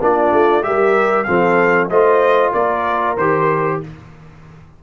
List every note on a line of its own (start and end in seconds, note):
0.00 0.32 A#3
0.00 0.62 D4
0.00 0.65 F4
0.00 0.63 D5
0.33 0.64 A3
0.62 1.27 G3
0.62 1.26 G4
0.62 1.27 A#4
0.62 1.24 E5
1.24 1.89 F3
1.24 1.90 C4
1.24 1.90 A4
1.24 1.87 F5
1.89 2.53 A3
1.89 3.17 F4
1.89 2.52 C5
1.89 2.53 D#5
2.52 3.17 A#3
2.52 3.79 A#4
2.52 3.16 D5
3.17 3.81 D#3
3.17 3.83 G4
3.17 3.81 C5